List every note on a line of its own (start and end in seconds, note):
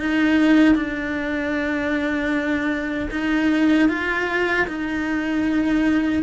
0.00 0.76 D#4
0.76 3.10 D4
3.12 3.90 D#4
3.90 4.68 F4
4.68 6.23 D#4